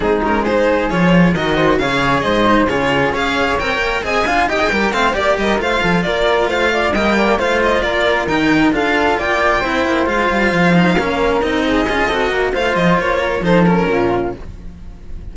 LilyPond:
<<
  \new Staff \with { instrumentName = "violin" } { \time 4/4 \tempo 4 = 134 gis'8 ais'8 c''4 cis''4 dis''4 | f''4 dis''4 cis''4 f''4 | g''4 gis''4 g''4 f''8 d''8 | dis''8 f''4 d''4 f''4 g''8~ |
g''8 f''8 dis''8 d''4 g''4 f''8~ | f''8 g''2 f''4.~ | f''4. dis''2~ dis''8 | f''8 dis''8 cis''4 c''8 ais'4. | }
  \new Staff \with { instrumentName = "flute" } { \time 4/4 dis'4 gis'2 ais'8 c''8 | cis''4 c''4 gis'4 cis''4~ | cis''4 dis''8 f''8 dis''8 ais'8 c''8 d''8 | ais'8 c''8 a'8 ais'4 c''8 d''8 dis''8 |
d''8 c''4 ais'2 a'8~ | a'8 d''4 c''2~ c''8~ | c''8 ais'4. gis'4 a'8 ais'8 | c''4. ais'8 a'4 f'4 | }
  \new Staff \with { instrumentName = "cello" } { \time 4/4 c'8 cis'8 dis'4 f'4 fis'4 | gis'4. dis'8 f'4 gis'4 | ais'4 gis'8 f'8 g'16 gis'16 g'8 c'8 g'8~ | g'8 f'2. ais8~ |
ais8 f'2 dis'4 f'8~ | f'4. e'4 f'4. | dis'8 cis'4 dis'4 f'8 fis'4 | f'2 dis'8 cis'4. | }
  \new Staff \with { instrumentName = "cello" } { \time 4/4 gis2 f4 dis4 | cis4 gis,4 cis4 cis'4 | c'8 ais8 c'8 d'8 dis'8 g8 a8 ais8 | g8 a8 f8 ais4 a4 g8~ |
g8 a4 ais4 dis4 d'8~ | d'8 ais4 c'8 ais8 gis8 g8 f8~ | f8 ais4 c'4 cis'8 c'8 ais8 | a8 f8 ais4 f4 ais,4 | }
>>